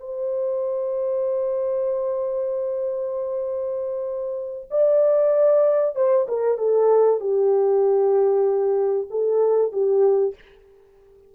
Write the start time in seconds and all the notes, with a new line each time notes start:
0.00 C5
4.71 D5
5.95 C5
6.28 A#4
6.58 A4
7.20 G4
9.11 A4
9.72 G4